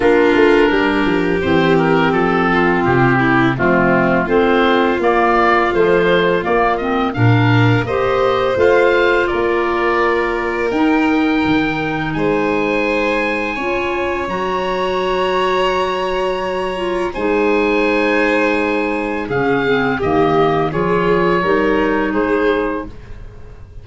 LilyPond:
<<
  \new Staff \with { instrumentName = "oboe" } { \time 4/4 \tempo 4 = 84 ais'2 c''8 ais'8 a'4 | g'4 f'4 c''4 d''4 | c''4 d''8 dis''8 f''4 dis''4 | f''4 d''2 g''4~ |
g''4 gis''2. | ais''1 | gis''2. f''4 | dis''4 cis''2 c''4 | }
  \new Staff \with { instrumentName = "violin" } { \time 4/4 f'4 g'2~ g'8 f'8~ | f'8 e'8 c'4 f'2~ | f'2 ais'4 c''4~ | c''4 ais'2.~ |
ais'4 c''2 cis''4~ | cis''1 | c''2. gis'4 | g'4 gis'4 ais'4 gis'4 | }
  \new Staff \with { instrumentName = "clarinet" } { \time 4/4 d'2 c'2~ | c'4 a4 c'4 ais4 | f4 ais8 c'8 d'4 g'4 | f'2. dis'4~ |
dis'2. f'4 | fis'2.~ fis'8 f'8 | dis'2. cis'8 c'8 | ais4 f'4 dis'2 | }
  \new Staff \with { instrumentName = "tuba" } { \time 4/4 ais8 a8 g8 f8 e4 f4 | c4 f4 a4 ais4 | a4 ais4 ais,4 ais4 | a4 ais2 dis'4 |
dis4 gis2 cis'4 | fis1 | gis2. cis4 | dis4 f4 g4 gis4 | }
>>